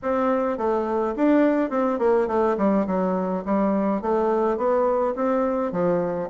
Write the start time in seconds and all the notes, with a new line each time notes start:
0.02 C4
0.57 A3
1.16 D4
1.70 C4
1.98 A#3
2.27 A3
2.57 G3
2.86 F#3
3.45 G3
4.01 A3
4.57 B3
5.15 C4
5.72 F3